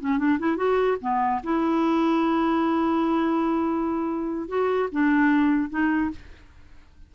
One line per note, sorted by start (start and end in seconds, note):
0.00 0.18 C#4
0.18 0.38 D4
0.39 0.57 E4
0.57 0.97 F#4
1.01 1.42 B3
1.43 4.48 E4
4.48 4.89 F#4
4.92 5.70 D4
5.70 6.10 D#4